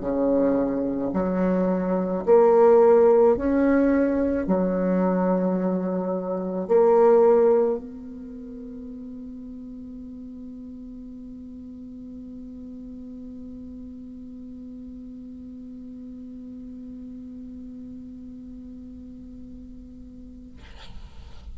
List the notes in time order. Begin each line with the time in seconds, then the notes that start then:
0.00 C#3
1.13 F#3
2.26 A#3
3.37 C#4
4.47 F#3
6.68 A#3
7.79 B3